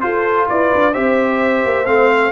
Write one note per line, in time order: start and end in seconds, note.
0.00 0.92 F4
0.00 0.48 F4
0.00 0.50 A4
0.00 0.47 C5
0.49 0.74 E4
0.49 0.93 B4
0.49 0.94 D5
0.74 0.96 D4
0.93 1.65 C4
0.93 1.86 G4
0.93 2.31 C5
0.93 1.86 E5
1.65 1.87 A#3
1.86 2.32 A3
1.86 2.32 C4
1.86 2.32 F5